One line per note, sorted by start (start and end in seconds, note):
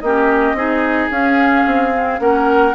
0.00 0.54 A#3
0.00 0.57 C#4
0.00 0.57 G4
0.00 1.09 D#5
0.54 1.08 C4
0.54 1.11 D#4
0.54 2.20 G#4
1.11 1.65 C#4
1.11 1.93 C#4
1.11 2.20 F5
1.66 2.20 C4
1.94 2.19 C4
2.19 2.74 A#3
2.19 2.74 C#4
2.19 2.75 A#4
2.19 2.75 F#5